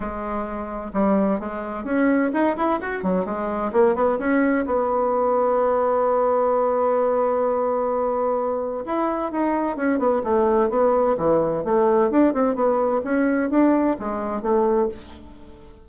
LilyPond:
\new Staff \with { instrumentName = "bassoon" } { \time 4/4 \tempo 4 = 129 gis2 g4 gis4 | cis'4 dis'8 e'8 fis'8 fis8 gis4 | ais8 b8 cis'4 b2~ | b1~ |
b2. e'4 | dis'4 cis'8 b8 a4 b4 | e4 a4 d'8 c'8 b4 | cis'4 d'4 gis4 a4 | }